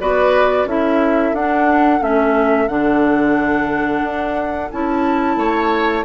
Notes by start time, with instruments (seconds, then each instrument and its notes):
0.00 bassoon B3, clarinet F#4, oboe B4, flute D5
0.64 bassoon C#4, clarinet E4, oboe A4, flute E5
1.33 bassoon D4, clarinet D4, flute F#5
2.01 bassoon A3, clarinet C#4, flute E5
2.68 bassoon D3, clarinet D4, flute F#5
4.02 bassoon D4
4.71 bassoon C#4, clarinet E4, flute A5
5.36 bassoon A3, oboe C#5